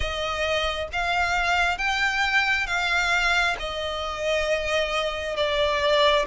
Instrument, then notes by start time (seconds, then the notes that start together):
violin
0.00 D#5
0.92 F5
1.77 G5
2.66 F5
3.59 D#5
5.36 D5